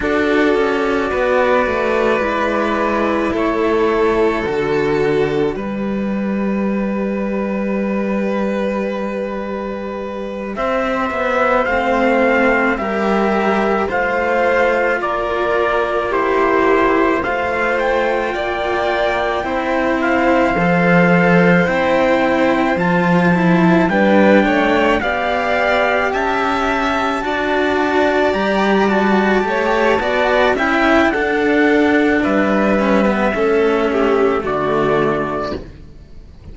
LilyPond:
<<
  \new Staff \with { instrumentName = "trumpet" } { \time 4/4 \tempo 4 = 54 d''2. cis''4 | d''1~ | d''4. e''4 f''4 e''8~ | e''8 f''4 d''4 c''4 f''8 |
g''2 f''4. g''8~ | g''8 a''4 g''4 f''4 a''8~ | a''4. ais''8 a''4. g''8 | fis''4 e''2 d''4 | }
  \new Staff \with { instrumentName = "violin" } { \time 4/4 a'4 b'2 a'4~ | a'4 b'2.~ | b'4. c''2 ais'8~ | ais'8 c''4 ais'4 g'4 c''8~ |
c''8 d''4 c''2~ c''8~ | c''4. b'8 cis''8 d''4 e''8~ | e''8 d''2 cis''8 d''8 e''8 | a'4 b'4 a'8 g'8 fis'4 | }
  \new Staff \with { instrumentName = "cello" } { \time 4/4 fis'2 e'2 | fis'4 g'2.~ | g'2~ g'8 c'4 g'8~ | g'8 f'2 e'4 f'8~ |
f'4. e'4 a'4 e'8~ | e'8 f'8 e'8 d'4 g'4.~ | g'8 fis'4 g'8 fis'8 g'8 fis'8 e'8 | d'4. cis'16 b16 cis'4 a4 | }
  \new Staff \with { instrumentName = "cello" } { \time 4/4 d'8 cis'8 b8 a8 gis4 a4 | d4 g2.~ | g4. c'8 b8 a4 g8~ | g8 a4 ais2 a8~ |
a8 ais4 c'4 f4 c'8~ | c'8 f4 g8 a8 b4 cis'8~ | cis'8 d'4 g4 a8 b8 cis'8 | d'4 g4 a4 d4 | }
>>